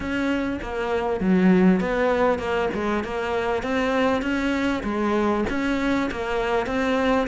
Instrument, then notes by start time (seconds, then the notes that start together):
cello
0.00 C#4
0.61 A#3
1.20 F#3
1.80 B3
2.38 A#3
2.74 G#3
3.04 A#3
3.63 C4
4.22 C#4
4.83 G#3
5.49 C#4
6.11 A#3
6.66 C4